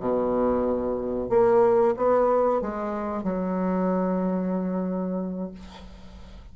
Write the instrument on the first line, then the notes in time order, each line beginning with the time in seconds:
bassoon
0.00 B2
1.30 A#3
1.97 B3
2.61 G#3
3.23 F#3